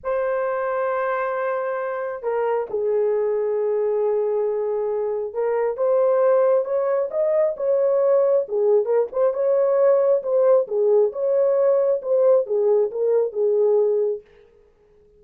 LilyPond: \new Staff \with { instrumentName = "horn" } { \time 4/4 \tempo 4 = 135 c''1~ | c''4 ais'4 gis'2~ | gis'1 | ais'4 c''2 cis''4 |
dis''4 cis''2 gis'4 | ais'8 c''8 cis''2 c''4 | gis'4 cis''2 c''4 | gis'4 ais'4 gis'2 | }